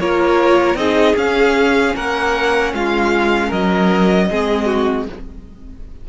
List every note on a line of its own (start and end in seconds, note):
0.00 0.75 A#3
0.00 0.77 F4
0.00 0.79 A#4
0.00 0.76 C#5
0.75 1.14 C4
0.75 1.16 D#4
0.75 1.96 G#4
0.75 1.15 D#5
1.16 1.94 C#4
1.16 4.30 C#4
1.16 1.96 F5
1.96 2.73 A#3
1.96 2.74 A#4
1.96 2.74 F#5
2.73 3.51 G#3
2.73 3.48 F4
2.73 3.52 F5
3.48 4.30 F#3
3.48 4.26 A#4
3.48 5.08 D#5
4.30 5.09 G#3
4.30 5.08 C4
4.30 4.66 G#4
4.66 5.05 F#4